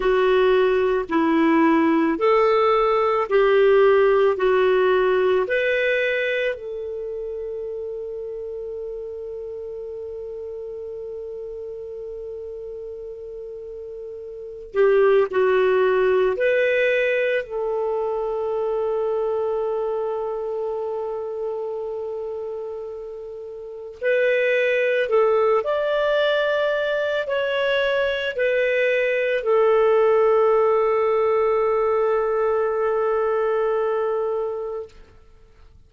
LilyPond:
\new Staff \with { instrumentName = "clarinet" } { \time 4/4 \tempo 4 = 55 fis'4 e'4 a'4 g'4 | fis'4 b'4 a'2~ | a'1~ | a'4. g'8 fis'4 b'4 |
a'1~ | a'2 b'4 a'8 d''8~ | d''4 cis''4 b'4 a'4~ | a'1 | }